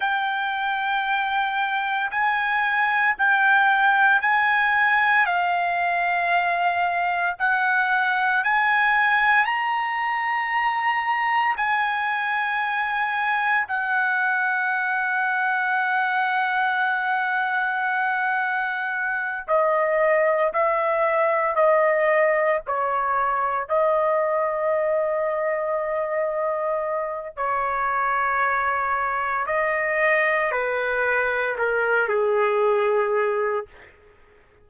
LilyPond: \new Staff \with { instrumentName = "trumpet" } { \time 4/4 \tempo 4 = 57 g''2 gis''4 g''4 | gis''4 f''2 fis''4 | gis''4 ais''2 gis''4~ | gis''4 fis''2.~ |
fis''2~ fis''8 dis''4 e''8~ | e''8 dis''4 cis''4 dis''4.~ | dis''2 cis''2 | dis''4 b'4 ais'8 gis'4. | }